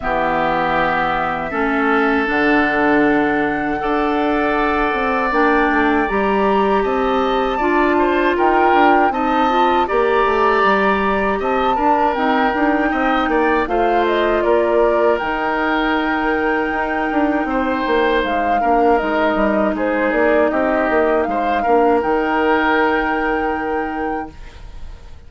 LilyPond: <<
  \new Staff \with { instrumentName = "flute" } { \time 4/4 \tempo 4 = 79 e''2. fis''4~ | fis''2. g''4 | ais''4 a''2 g''4 | a''4 ais''2 a''4 |
g''2 f''8 dis''8 d''4 | g''1 | f''4 dis''4 c''8 d''8 dis''4 | f''4 g''2. | }
  \new Staff \with { instrumentName = "oboe" } { \time 4/4 g'2 a'2~ | a'4 d''2.~ | d''4 dis''4 d''8 c''8 ais'4 | dis''4 d''2 dis''8 ais'8~ |
ais'4 dis''8 d''8 c''4 ais'4~ | ais'2. c''4~ | c''8 ais'4. gis'4 g'4 | c''8 ais'2.~ ais'8 | }
  \new Staff \with { instrumentName = "clarinet" } { \time 4/4 b2 cis'4 d'4~ | d'4 a'2 d'4 | g'2 f'2 | dis'8 f'8 g'2~ g'8 d'8 |
c'8 dis'4. f'2 | dis'1~ | dis'8 d'8 dis'2.~ | dis'8 d'8 dis'2. | }
  \new Staff \with { instrumentName = "bassoon" } { \time 4/4 e2 a4 d4~ | d4 d'4. c'8 ais8 a8 | g4 c'4 d'4 dis'8 d'8 | c'4 ais8 a8 g4 c'8 d'8 |
dis'8 d'8 c'8 ais8 a4 ais4 | dis2 dis'8 d'8 c'8 ais8 | gis8 ais8 gis8 g8 gis8 ais8 c'8 ais8 | gis8 ais8 dis2. | }
>>